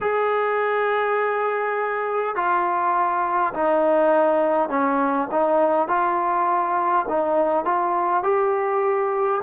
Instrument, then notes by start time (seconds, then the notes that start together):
trombone
0.00 G#4
2.35 F4
3.53 D#4
4.68 C#4
5.31 D#4
5.88 F4
7.08 D#4
7.64 F4
8.23 G4